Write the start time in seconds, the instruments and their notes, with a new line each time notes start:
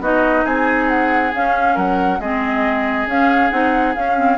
0.00 bassoon B3, clarinet D#4, oboe F#4, flute D#5
0.45 bassoon C4, oboe G#4, flute G#5
0.89 flute F#5
1.33 clarinet C#4, bassoon C#4, flute F5
1.74 bassoon F#3, oboe A#4, flute F#5
2.19 bassoon G#3, clarinet C4, oboe G#4, flute D#5
3.06 bassoon C#4, clarinet C#4, flute F5
3.50 bassoon C4, clarinet D#4, flute F#5
3.95 bassoon C#4, clarinet C#4, flute F5
4.16 clarinet C4